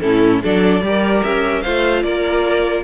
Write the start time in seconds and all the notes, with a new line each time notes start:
0.00 A2 C#4 E4 A4
0.42 F#3 D4 A4 D5
0.82 G3 G4 A#4
1.23 C#4 E5
1.62 A3 F4 C5 F5
2.03 A#3 A#4 D5